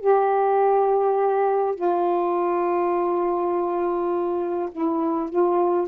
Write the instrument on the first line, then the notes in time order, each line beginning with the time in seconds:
saxophone
0.00 G4
1.75 F4
4.72 E4
5.30 F4